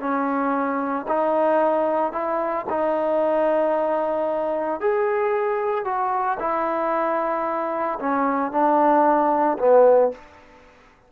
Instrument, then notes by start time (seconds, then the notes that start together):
trombone
0.00 C#4
1.08 D#4
2.13 E4
2.70 D#4
4.81 G#4
5.85 F#4
6.40 E4
8.00 C#4
8.52 D4
9.59 B3